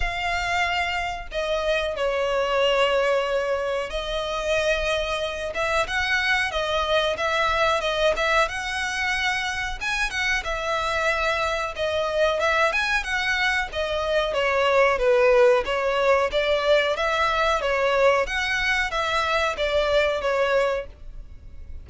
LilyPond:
\new Staff \with { instrumentName = "violin" } { \time 4/4 \tempo 4 = 92 f''2 dis''4 cis''4~ | cis''2 dis''2~ | dis''8 e''8 fis''4 dis''4 e''4 | dis''8 e''8 fis''2 gis''8 fis''8 |
e''2 dis''4 e''8 gis''8 | fis''4 dis''4 cis''4 b'4 | cis''4 d''4 e''4 cis''4 | fis''4 e''4 d''4 cis''4 | }